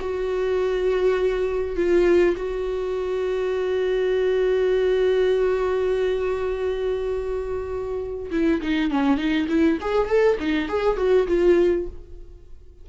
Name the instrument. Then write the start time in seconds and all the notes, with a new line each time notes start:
viola
0.00 F#4
1.76 F4
2.37 F#4
8.31 E4
8.61 D#4
8.91 C#4
9.17 D#4
9.49 E4
9.81 G#4
10.07 A4
10.40 D#4
10.68 G#4
10.97 F#4
11.27 F4